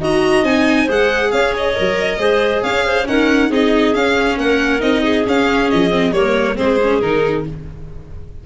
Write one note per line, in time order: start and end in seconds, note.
0.00 0.43 D#4
0.00 0.44 F#4
0.00 0.84 D#5
0.00 0.44 A#5
0.43 0.86 C4
0.43 0.88 D#4
0.43 0.88 G#5
0.84 1.32 G#3
0.84 1.75 G#4
0.84 1.28 C5
0.91 1.31 F#5
1.31 1.76 C#4
1.31 2.19 C#5
1.31 1.53 F5
1.56 2.63 D#5
1.75 2.18 F#3
1.75 2.19 A#4
2.18 2.62 G#3
2.18 3.04 G#4
2.18 2.62 C5
2.62 3.07 C#4
2.62 2.84 C#5
2.62 3.06 F5
2.85 3.07 C5
3.04 3.48 C#4
3.04 3.50 D#4
3.04 3.49 A#4
3.04 3.51 F#5
3.49 3.94 C4
3.49 3.94 D#4
3.49 4.37 G#4
3.49 3.94 D#5
3.94 4.80 C#4
3.94 4.37 C#4
3.94 4.37 F5
4.37 4.81 A#3
4.37 5.02 A#4
4.37 4.81 F#5
4.80 5.25 C4
4.80 5.23 D#4
4.80 5.25 D#5
5.02 6.12 G#4
5.26 5.70 C#4
5.26 5.90 C#4
5.26 5.70 F5
5.70 6.12 F3
5.70 6.12 D#5
5.90 6.12 C4
6.12 6.55 G3
6.12 6.55 A#3
6.12 6.56 A#4
6.12 6.56 C#5
6.55 7.01 G#3
6.55 6.77 C4
6.55 7.44 G#4
6.55 7.00 C5
6.81 7.02 C#4
7.00 7.45 D#3
7.00 7.46 D#4
7.00 7.44 A#4